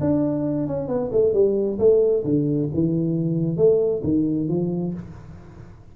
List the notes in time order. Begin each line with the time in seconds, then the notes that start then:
0.00 D4
0.67 C#4
0.87 B3
1.11 A3
1.33 G3
1.78 A3
2.24 D3
2.73 E3
3.56 A3
4.03 D#3
4.48 F3